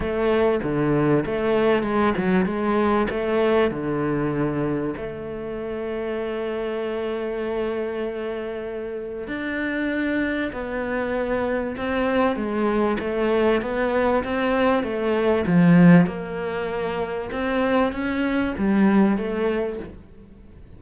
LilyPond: \new Staff \with { instrumentName = "cello" } { \time 4/4 \tempo 4 = 97 a4 d4 a4 gis8 fis8 | gis4 a4 d2 | a1~ | a2. d'4~ |
d'4 b2 c'4 | gis4 a4 b4 c'4 | a4 f4 ais2 | c'4 cis'4 g4 a4 | }